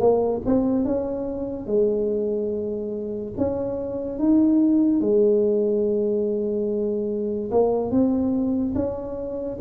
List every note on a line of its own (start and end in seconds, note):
0.00 0.42 A#3
0.46 0.85 C4
0.85 1.67 C#4
1.67 3.33 G#3
3.37 4.19 C#4
4.19 5.01 D#4
5.01 7.51 G#3
7.51 7.91 A#3
7.91 8.75 C4
8.75 9.58 C#4